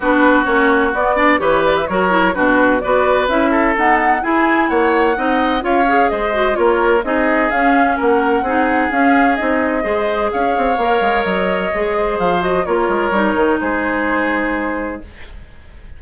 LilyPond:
<<
  \new Staff \with { instrumentName = "flute" } { \time 4/4 \tempo 4 = 128 b'4 cis''4 d''4 cis''8 d''16 e''16 | cis''4 b'4 d''4 e''4 | fis''4 gis''4 fis''2 | f''4 dis''4 cis''4 dis''4 |
f''4 fis''2 f''4 | dis''2 f''2 | dis''2 f''8 dis''8 cis''4~ | cis''4 c''2. | }
  \new Staff \with { instrumentName = "oboe" } { \time 4/4 fis'2~ fis'8 d''8 b'4 | ais'4 fis'4 b'4. a'8~ | a'4 gis'4 cis''4 dis''4 | cis''4 c''4 ais'4 gis'4~ |
gis'4 ais'4 gis'2~ | gis'4 c''4 cis''2~ | cis''4. c''4. ais'4~ | ais'4 gis'2. | }
  \new Staff \with { instrumentName = "clarinet" } { \time 4/4 d'4 cis'4 b8 d'8 g'4 | fis'8 e'8 d'4 fis'4 e'4 | b4 e'2 dis'4 | f'8 gis'4 fis'8 f'4 dis'4 |
cis'2 dis'4 cis'4 | dis'4 gis'2 ais'4~ | ais'4 gis'4. fis'8 f'4 | dis'1 | }
  \new Staff \with { instrumentName = "bassoon" } { \time 4/4 b4 ais4 b4 e4 | fis4 b,4 b4 cis'4 | dis'4 e'4 ais4 c'4 | cis'4 gis4 ais4 c'4 |
cis'4 ais4 c'4 cis'4 | c'4 gis4 cis'8 c'8 ais8 gis8 | fis4 gis4 f4 ais8 gis8 | g8 dis8 gis2. | }
>>